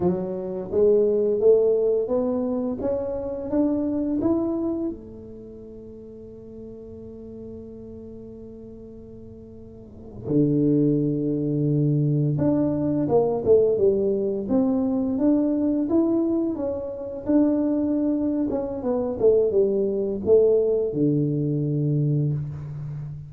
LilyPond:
\new Staff \with { instrumentName = "tuba" } { \time 4/4 \tempo 4 = 86 fis4 gis4 a4 b4 | cis'4 d'4 e'4 a4~ | a1~ | a2~ a8. d4~ d16~ |
d4.~ d16 d'4 ais8 a8 g16~ | g8. c'4 d'4 e'4 cis'16~ | cis'8. d'4.~ d'16 cis'8 b8 a8 | g4 a4 d2 | }